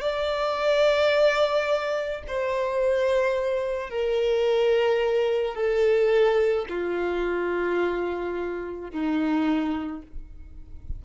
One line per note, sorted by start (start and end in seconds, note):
0.00 2.22 D5
2.27 3.89 C5
3.89 5.55 A#4
5.55 6.66 A4
6.69 8.90 F4
8.90 10.02 D#4